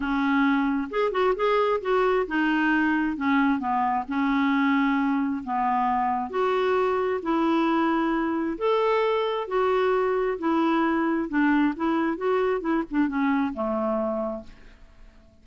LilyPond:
\new Staff \with { instrumentName = "clarinet" } { \time 4/4 \tempo 4 = 133 cis'2 gis'8 fis'8 gis'4 | fis'4 dis'2 cis'4 | b4 cis'2. | b2 fis'2 |
e'2. a'4~ | a'4 fis'2 e'4~ | e'4 d'4 e'4 fis'4 | e'8 d'8 cis'4 a2 | }